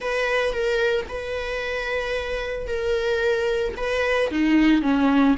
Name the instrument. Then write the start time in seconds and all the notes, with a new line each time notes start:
viola
0.00 B4
0.52 A#4
1.08 B4
2.67 A#4
3.76 B4
4.30 D#4
4.81 C#4